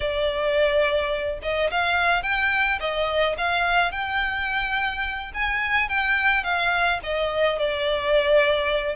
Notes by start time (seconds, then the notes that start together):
0.00 D5
1.42 D#5
1.70 F5
2.23 G5
2.79 D#5
3.37 F5
3.91 G5
5.33 G#5
5.89 G5
6.43 F5
7.03 D#5
7.58 D5